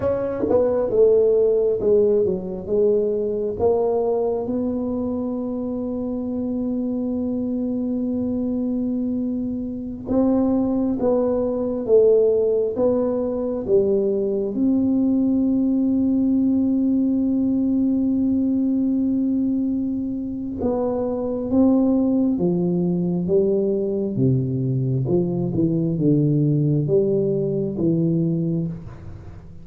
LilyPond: \new Staff \with { instrumentName = "tuba" } { \time 4/4 \tempo 4 = 67 cis'8 b8 a4 gis8 fis8 gis4 | ais4 b2.~ | b2.~ b16 c'8.~ | c'16 b4 a4 b4 g8.~ |
g16 c'2.~ c'8.~ | c'2. b4 | c'4 f4 g4 c4 | f8 e8 d4 g4 e4 | }